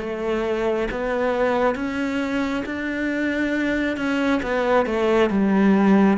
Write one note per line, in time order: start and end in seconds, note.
0.00 0.88 A3
0.91 1.76 B3
1.76 2.64 C#4
2.66 3.97 D4
3.97 4.41 C#4
4.43 4.86 B3
4.86 5.30 A3
5.30 6.18 G3